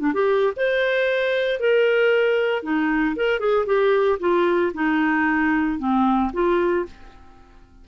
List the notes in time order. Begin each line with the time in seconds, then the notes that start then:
0.00 D4
0.14 G4
0.57 C5
1.60 A#4
2.63 D#4
3.17 A#4
3.40 G#4
3.67 G4
4.20 F4
4.74 D#4
5.79 C4
6.33 F4